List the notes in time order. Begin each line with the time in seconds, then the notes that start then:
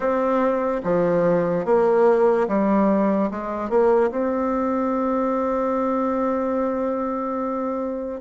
0.00 C4
0.83 F3
1.65 A#3
2.48 G3
3.30 G#3
3.69 A#3
4.11 C4